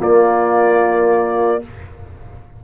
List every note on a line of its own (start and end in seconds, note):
0.00 1.62 A#3
0.00 1.62 F4
0.00 1.64 D5